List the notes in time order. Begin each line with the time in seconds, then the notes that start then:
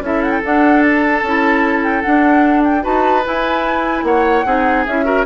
0.00 C#4 E4 A4 E5
0.23 F#5
0.32 G5
0.43 D4 F#5
0.82 A5
1.22 C#4 E4
1.83 G5
2.02 D4 F#5
2.64 G5
2.82 D#4 F#4 B4 A5
3.25 E4 G#5
4.03 A#3 C#5 F#5
4.46 C4 D#4 G#4
4.86 C#4 E4 E5
5.04 F#4 A#4